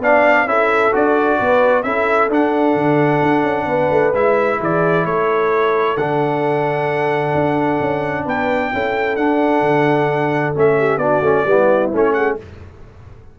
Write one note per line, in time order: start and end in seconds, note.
0.00 0.46 B3
0.00 0.47 D4
0.00 0.49 D5
0.00 0.48 F5
0.46 0.91 C#4
0.46 0.92 E4
0.46 1.38 A4
0.46 0.94 E5
0.92 1.40 D4
0.92 1.84 F#4
0.92 1.83 D5
1.38 1.84 B3
1.38 1.84 B4
1.83 2.29 C#4
1.83 2.30 E4
1.83 3.67 A4
1.83 2.29 E5
2.29 2.75 D4
2.29 4.14 D4
2.29 4.15 F#5
2.75 3.21 D3
3.23 3.44 D4
3.44 3.66 C#4
3.66 3.89 B3
3.66 4.58 B4
3.91 4.14 A3
4.14 4.59 G#3
4.14 5.98 E4
4.14 4.60 E5
4.60 5.05 E3
4.60 5.06 G#4
4.60 5.06 D5
5.05 5.96 A3
5.05 8.24 A4
5.05 5.97 C#5
5.96 7.34 D3
5.96 8.73 D4
5.96 8.26 F#5
7.34 7.80 D4
7.80 8.26 C#4
8.24 8.72 B3
8.24 8.70 B4
8.24 9.16 G5
8.73 9.17 C#4
8.73 9.19 E4
8.73 10.78 A4
9.16 9.61 D4
9.16 10.54 D4
9.16 10.54 F#5
9.61 10.53 D3
10.54 10.97 A3
10.54 11.00 C#4
10.54 10.98 E5
10.78 10.99 G4
10.97 11.20 B3
10.97 11.23 D4
10.97 11.45 F#4
10.97 11.90 D5
11.22 11.44 A3
11.22 11.46 C#4
11.46 11.92 G3
11.46 11.93 B3
11.46 12.15 E4
11.93 12.39 A3
11.93 12.39 C#4
11.93 12.13 C#5
12.13 12.38 G#4
12.13 12.36 F#5